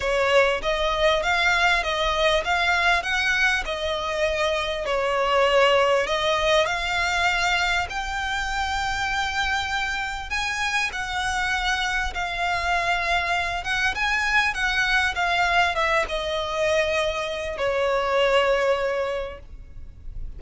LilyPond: \new Staff \with { instrumentName = "violin" } { \time 4/4 \tempo 4 = 99 cis''4 dis''4 f''4 dis''4 | f''4 fis''4 dis''2 | cis''2 dis''4 f''4~ | f''4 g''2.~ |
g''4 gis''4 fis''2 | f''2~ f''8 fis''8 gis''4 | fis''4 f''4 e''8 dis''4.~ | dis''4 cis''2. | }